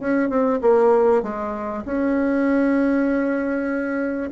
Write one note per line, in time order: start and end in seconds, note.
0.00 0.29 C#4
0.29 0.60 C4
0.62 1.23 A#3
1.23 1.84 G#3
1.85 4.30 C#4